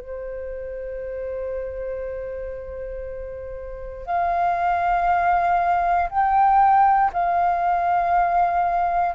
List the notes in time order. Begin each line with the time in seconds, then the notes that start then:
0.00 C5
4.06 F5
6.09 G5
7.12 F5